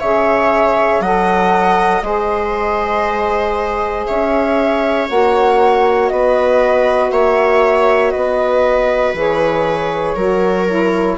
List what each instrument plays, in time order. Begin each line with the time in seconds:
0.00 bassoon C#3, saxophone G#4, viola C#5, flute E5
1.00 bassoon F#3, saxophone A4, viola D#5, flute F#5
2.01 bassoon G#3, saxophone G#4, viola C5, flute D#5
4.06 bassoon C#4, viola C#5, flute E5
5.08 bassoon A#3, saxophone F#4, flute F#5
6.08 bassoon B3, viola B4, flute D#5
7.10 bassoon A#3, viola C#5, flute E5
8.11 bassoon B3, viola B4, flute D#5
9.14 bassoon E3, saxophone G#4, flute C#5
10.15 bassoon F#3, saxophone F#4, viola A#4
10.68 saxophone E4